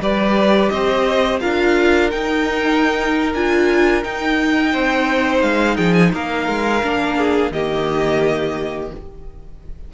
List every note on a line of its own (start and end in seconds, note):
0.00 0.70 G3
0.00 1.41 G4
0.00 0.72 B4
0.00 0.70 D5
0.70 1.41 C4
0.70 1.42 C5
0.70 1.40 D#5
1.40 2.13 D4
1.40 2.11 F4
1.40 4.72 A#4
1.40 2.10 F5
2.11 3.35 D#4
2.11 3.34 D#4
2.11 3.33 G5
3.34 4.04 D4
3.34 4.03 F4
3.34 4.04 G#5
4.03 6.82 D#4
4.03 4.74 D#4
4.03 5.42 G5
4.72 5.43 C4
4.72 5.76 C5
5.42 5.77 G#3
5.42 5.77 F5
5.76 6.13 F3
5.76 6.11 G#4
5.76 5.93 G5
5.93 6.11 G#5
6.13 6.48 A#3
6.13 7.18 A#4
6.13 7.52 F5
6.48 6.83 G#3
6.83 7.51 A#3
6.83 7.53 D4
7.18 7.52 G#4
7.51 8.91 D#3
7.51 8.93 A#3
7.51 8.92 G4
7.51 8.92 D#5